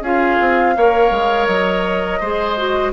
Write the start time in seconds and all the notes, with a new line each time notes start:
0.00 C#4 F4 G#4 F5
0.40 C4
0.76 A#3 A#4 C#5
1.11 G#3
1.46 F#3 D#5
2.20 G#3 G#4 C5
2.57 F#4